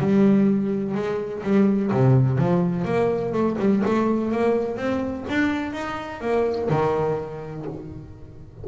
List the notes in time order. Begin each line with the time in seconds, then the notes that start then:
0.00 G3
0.95 G#3
1.43 G3
1.92 C3
2.38 F3
2.85 A#3
3.33 A3
3.59 G3
3.86 A3
4.32 A#3
4.77 C4
5.29 D4
5.73 D#4
6.21 A#3
6.70 D#3